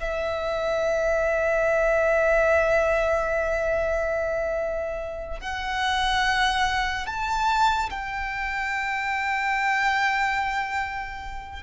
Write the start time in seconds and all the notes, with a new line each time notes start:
0.00 E5
5.40 F#5
7.06 A5
7.90 G5